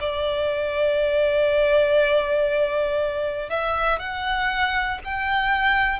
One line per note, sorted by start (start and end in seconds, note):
0.00 3.50 D5
3.50 4.00 E5
4.00 5.00 F#5
5.05 6.00 G5